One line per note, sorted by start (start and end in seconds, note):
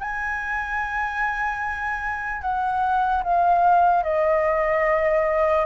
0.00 2.41 G#5
2.41 3.22 F#5
3.23 4.03 F5
4.03 5.65 D#5